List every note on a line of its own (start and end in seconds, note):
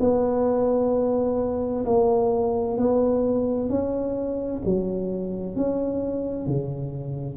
0.00 1.85 B3
1.85 2.77 A#3
2.77 3.69 B3
3.69 4.62 C#4
4.65 5.55 F#3
5.55 6.46 C#4
6.46 7.36 C#3